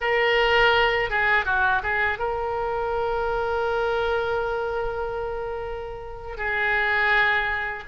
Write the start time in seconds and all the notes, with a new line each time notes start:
0.00 A#4
1.09 G#4
1.45 F#4
1.83 G#4
2.18 A#4
6.37 G#4